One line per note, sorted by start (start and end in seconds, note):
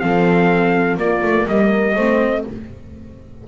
0.00 0.98 F3
0.00 0.99 C4
0.00 1.00 A4
0.00 0.98 F5
0.98 1.22 A#3
0.98 1.97 A#3
0.98 1.49 F4
0.98 1.48 D5
1.22 1.47 A3
1.48 1.96 G3
1.48 1.95 A#4
1.48 2.46 D#5
1.95 2.45 A3
1.95 2.48 C4
1.95 2.44 C5